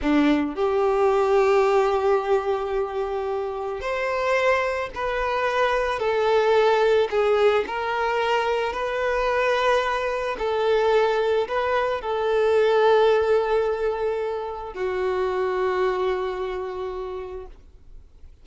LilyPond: \new Staff \with { instrumentName = "violin" } { \time 4/4 \tempo 4 = 110 d'4 g'2.~ | g'2. c''4~ | c''4 b'2 a'4~ | a'4 gis'4 ais'2 |
b'2. a'4~ | a'4 b'4 a'2~ | a'2. fis'4~ | fis'1 | }